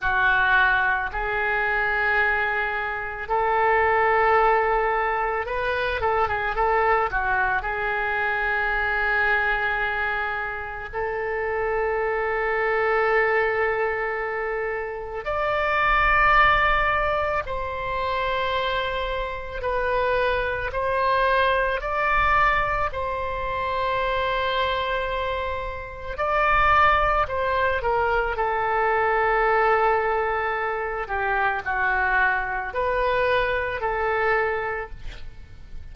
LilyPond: \new Staff \with { instrumentName = "oboe" } { \time 4/4 \tempo 4 = 55 fis'4 gis'2 a'4~ | a'4 b'8 a'16 gis'16 a'8 fis'8 gis'4~ | gis'2 a'2~ | a'2 d''2 |
c''2 b'4 c''4 | d''4 c''2. | d''4 c''8 ais'8 a'2~ | a'8 g'8 fis'4 b'4 a'4 | }